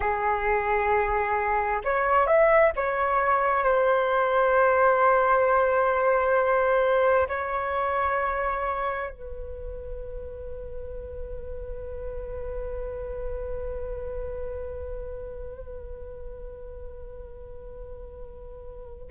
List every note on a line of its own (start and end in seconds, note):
0.00 1.81 G#4
1.84 2.26 C#5
2.26 2.72 E5
2.76 3.64 C#5
3.64 7.27 C5
7.28 9.10 C#5
9.10 19.10 B4